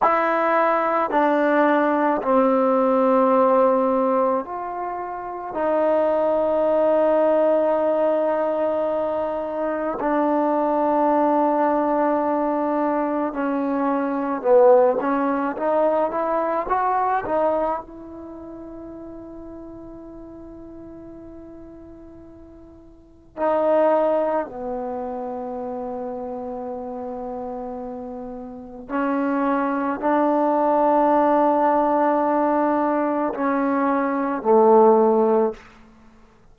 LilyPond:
\new Staff \with { instrumentName = "trombone" } { \time 4/4 \tempo 4 = 54 e'4 d'4 c'2 | f'4 dis'2.~ | dis'4 d'2. | cis'4 b8 cis'8 dis'8 e'8 fis'8 dis'8 |
e'1~ | e'4 dis'4 b2~ | b2 cis'4 d'4~ | d'2 cis'4 a4 | }